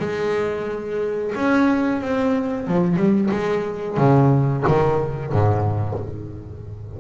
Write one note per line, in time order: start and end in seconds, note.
0.00 1.33 G#3
1.35 2.02 C#4
2.02 2.68 C4
2.68 2.97 F3
2.97 3.30 G3
3.31 3.98 G#3
3.98 4.64 C#3
4.68 5.32 D#3
5.32 5.99 G#2